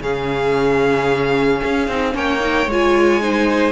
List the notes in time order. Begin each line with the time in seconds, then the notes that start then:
0.00 C#3 C#4 G#4 F5
1.64 C#4
1.88 C4 D#4
2.12 A#3 C#4 C#5 G5
2.40 D#4
2.66 G#3 F4 G#5
3.21 D#4 C5